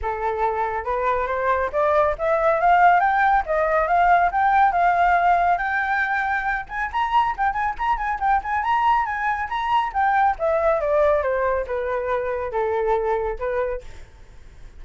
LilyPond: \new Staff \with { instrumentName = "flute" } { \time 4/4 \tempo 4 = 139 a'2 b'4 c''4 | d''4 e''4 f''4 g''4 | dis''4 f''4 g''4 f''4~ | f''4 g''2~ g''8 gis''8 |
ais''4 g''8 gis''8 ais''8 gis''8 g''8 gis''8 | ais''4 gis''4 ais''4 g''4 | e''4 d''4 c''4 b'4~ | b'4 a'2 b'4 | }